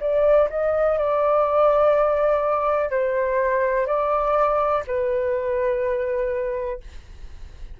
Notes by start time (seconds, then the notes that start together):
0.00 D5
0.50 D#5
0.98 D5
2.90 C5
3.86 D5
4.87 B4